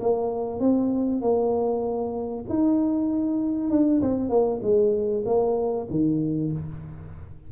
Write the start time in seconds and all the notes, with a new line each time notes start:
0.00 A#3
0.59 C4
1.21 A#3
2.49 D#4
3.70 D4
4.01 C4
4.29 A#3
4.62 G#3
5.25 A#3
5.90 D#3